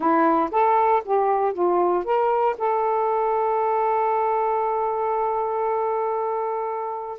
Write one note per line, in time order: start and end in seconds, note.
0.00 0.49 E4
0.51 1.02 A4
1.04 1.53 G4
1.53 2.04 F4
2.04 2.55 A#4
2.58 7.18 A4